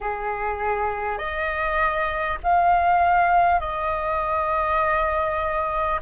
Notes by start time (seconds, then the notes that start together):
0.00 G#4
1.17 D#5
2.43 F5
3.59 D#5